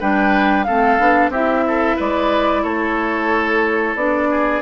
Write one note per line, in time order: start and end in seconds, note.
0.00 0.67 G3
0.00 0.67 D4
0.00 0.66 B4
0.00 0.64 G5
0.64 0.99 C4
0.64 1.31 A4
0.64 1.30 F5
0.70 0.99 A3
0.99 1.30 B3
0.99 1.32 D4
1.30 1.95 C4
1.30 3.98 E4
1.30 1.64 G4
1.30 1.99 E5
1.68 1.96 A4
1.96 2.64 G#3
1.96 2.62 B4
1.96 2.64 D5
2.64 3.95 A3
2.64 4.29 A4
2.64 3.96 C#5
3.95 4.61 B3
3.95 4.62 D4
3.95 4.62 D5
4.31 4.62 G#4